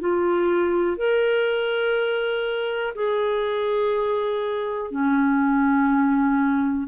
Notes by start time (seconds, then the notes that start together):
0.00 F4
0.97 A#4
2.96 G#4
4.91 C#4